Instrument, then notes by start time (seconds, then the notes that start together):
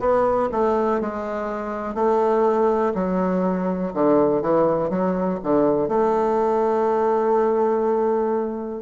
bassoon
0.00 B3
0.52 A3
1.01 G#3
1.95 A3
2.95 F#3
3.94 D3
4.42 E3
4.90 F#3
5.44 D3
5.89 A3